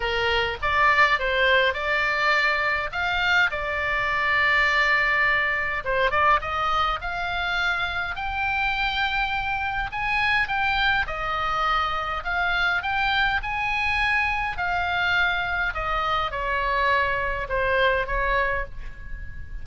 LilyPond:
\new Staff \with { instrumentName = "oboe" } { \time 4/4 \tempo 4 = 103 ais'4 d''4 c''4 d''4~ | d''4 f''4 d''2~ | d''2 c''8 d''8 dis''4 | f''2 g''2~ |
g''4 gis''4 g''4 dis''4~ | dis''4 f''4 g''4 gis''4~ | gis''4 f''2 dis''4 | cis''2 c''4 cis''4 | }